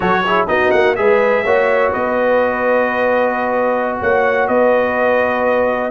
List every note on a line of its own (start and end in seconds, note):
0.00 0.48 F#3
0.00 0.23 F#4
0.00 0.23 A4
0.00 0.46 C#5
0.24 0.47 E4
0.24 0.48 G#4
0.47 0.72 B3
0.47 0.96 D#4
0.47 0.98 F#4
0.47 0.70 D#5
0.70 0.97 A#3
0.70 0.94 F#5
0.95 1.45 G#3
0.95 1.44 G#4
0.95 1.44 B4
0.95 1.92 E5
1.44 1.93 A#3
1.44 5.91 F#4
1.44 1.91 C#5
1.91 4.00 B3
1.91 3.97 B4
1.91 3.98 D#5
3.99 4.48 A#3
3.99 4.48 C#5
3.99 4.47 F#5
4.47 5.91 B3
4.47 5.91 B4
4.47 5.91 D#5